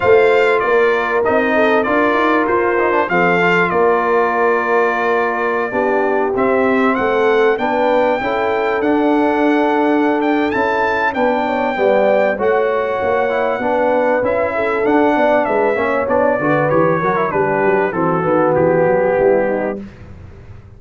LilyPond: <<
  \new Staff \with { instrumentName = "trumpet" } { \time 4/4 \tempo 4 = 97 f''4 d''4 dis''4 d''4 | c''4 f''4 d''2~ | d''2~ d''16 e''4 fis''8.~ | fis''16 g''2 fis''4.~ fis''16~ |
fis''8 g''8 a''4 g''2 | fis''2. e''4 | fis''4 e''4 d''4 cis''4 | b'4 a'4 g'2 | }
  \new Staff \with { instrumentName = "horn" } { \time 4/4 c''4 ais'4. a'8 ais'4~ | ais'4 a'4 ais'2~ | ais'4~ ais'16 g'2 a'8.~ | a'16 b'4 a'2~ a'8.~ |
a'2 b'8 cis''8 d''4 | cis''2 b'4. a'8~ | a'8 d''8 b'8 cis''4 b'4 ais'8 | g'4 fis'2 e'8 dis'8 | }
  \new Staff \with { instrumentName = "trombone" } { \time 4/4 f'2 dis'4 f'4~ | f'8 dis'16 d'16 c'8 f'2~ f'8~ | f'4~ f'16 d'4 c'4.~ c'16~ | c'16 d'4 e'4 d'4.~ d'16~ |
d'4 e'4 d'4 b4 | fis'4. e'8 d'4 e'4 | d'4. cis'8 d'8 fis'8 g'8 fis'16 e'16 | d'4 c'8 b2~ b8 | }
  \new Staff \with { instrumentName = "tuba" } { \time 4/4 a4 ais4 c'4 d'8 dis'8 | f'4 f4 ais2~ | ais4~ ais16 b4 c'4 a8.~ | a16 b4 cis'4 d'4.~ d'16~ |
d'4 cis'4 b4 g4 | a4 ais4 b4 cis'4 | d'8 b8 gis8 ais8 b8 d8 e8 fis8 | g8 fis8 e8 dis8 e8 fis8 g4 | }
>>